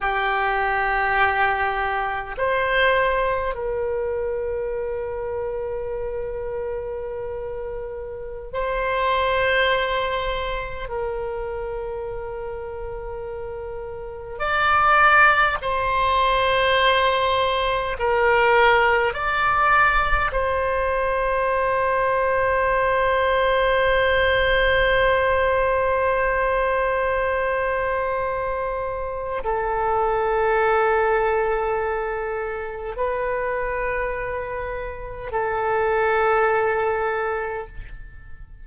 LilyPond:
\new Staff \with { instrumentName = "oboe" } { \time 4/4 \tempo 4 = 51 g'2 c''4 ais'4~ | ais'2.~ ais'16 c''8.~ | c''4~ c''16 ais'2~ ais'8.~ | ais'16 d''4 c''2 ais'8.~ |
ais'16 d''4 c''2~ c''8.~ | c''1~ | c''4 a'2. | b'2 a'2 | }